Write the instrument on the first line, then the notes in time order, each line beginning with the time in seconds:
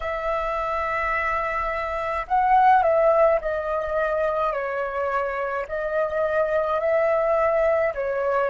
flute
0.00 E5
2.27 F#5
2.83 E5
3.41 D#5
4.52 C#5
5.68 D#5
6.80 E5
7.94 C#5